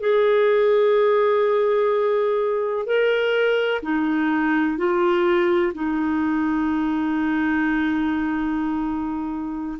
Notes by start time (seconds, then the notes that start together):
0.00 G#4
2.86 A#4
3.82 D#4
4.77 F4
5.74 D#4